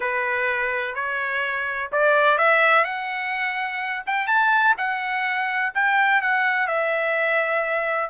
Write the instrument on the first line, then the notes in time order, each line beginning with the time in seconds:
trumpet
0.00 B4
0.94 C#5
1.92 D5
2.38 E5
2.84 F#5
4.06 G5
4.27 A5
4.77 F#5
5.74 G5
6.21 F#5
6.67 E5